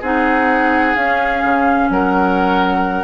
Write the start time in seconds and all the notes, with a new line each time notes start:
0.00 C4 D#4 G#4 F#5
0.95 C#4 F5
1.43 C#3
1.89 F#3 A#4 F#5